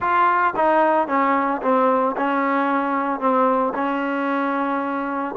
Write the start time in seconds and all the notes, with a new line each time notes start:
0.00 F4
0.56 D#4
1.07 C#4
1.62 C4
2.16 C#4
3.19 C4
3.74 C#4